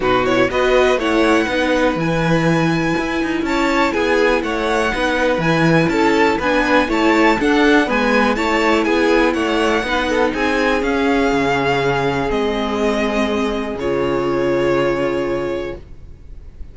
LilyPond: <<
  \new Staff \with { instrumentName = "violin" } { \time 4/4 \tempo 4 = 122 b'8 cis''8 dis''4 fis''2 | gis''2. a''4 | gis''4 fis''2 gis''4 | a''4 gis''4 a''4 fis''4 |
gis''4 a''4 gis''4 fis''4~ | fis''4 gis''4 f''2~ | f''4 dis''2. | cis''1 | }
  \new Staff \with { instrumentName = "violin" } { \time 4/4 fis'4 b'4 cis''4 b'4~ | b'2. cis''4 | gis'4 cis''4 b'2 | a'4 b'4 cis''4 a'4 |
b'4 cis''4 gis'4 cis''4 | b'8 a'8 gis'2.~ | gis'1~ | gis'1 | }
  \new Staff \with { instrumentName = "viola" } { \time 4/4 dis'8 e'8 fis'4 e'4 dis'4 | e'1~ | e'2 dis'4 e'4~ | e'4 d'4 e'4 d'4 |
b4 e'2. | dis'2 cis'2~ | cis'4 c'2. | f'1 | }
  \new Staff \with { instrumentName = "cello" } { \time 4/4 b,4 b4 a4 b4 | e2 e'8 dis'8 cis'4 | b4 a4 b4 e4 | cis'4 b4 a4 d'4 |
gis4 a4 b4 a4 | b4 c'4 cis'4 cis4~ | cis4 gis2. | cis1 | }
>>